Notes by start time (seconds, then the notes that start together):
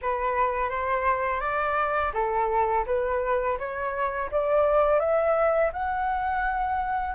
0.01 B4
0.69 C5
1.40 D5
2.13 A4
2.86 B4
3.58 C#5
4.31 D5
4.99 E5
5.72 F#5